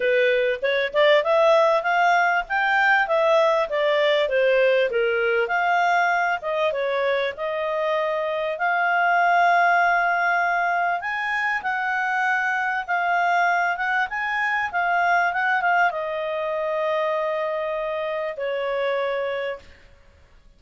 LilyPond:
\new Staff \with { instrumentName = "clarinet" } { \time 4/4 \tempo 4 = 98 b'4 cis''8 d''8 e''4 f''4 | g''4 e''4 d''4 c''4 | ais'4 f''4. dis''8 cis''4 | dis''2 f''2~ |
f''2 gis''4 fis''4~ | fis''4 f''4. fis''8 gis''4 | f''4 fis''8 f''8 dis''2~ | dis''2 cis''2 | }